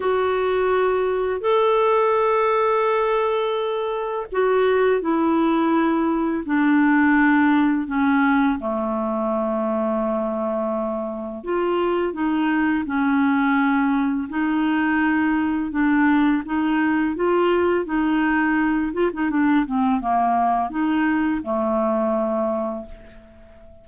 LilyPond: \new Staff \with { instrumentName = "clarinet" } { \time 4/4 \tempo 4 = 84 fis'2 a'2~ | a'2 fis'4 e'4~ | e'4 d'2 cis'4 | a1 |
f'4 dis'4 cis'2 | dis'2 d'4 dis'4 | f'4 dis'4. f'16 dis'16 d'8 c'8 | ais4 dis'4 a2 | }